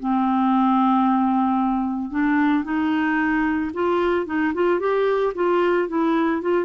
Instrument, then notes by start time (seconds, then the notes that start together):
clarinet
0.00 C4
2.11 D4
2.64 D#4
3.74 F4
4.27 D#4
4.54 F4
4.80 G4
5.35 F4
5.89 E4
6.42 F4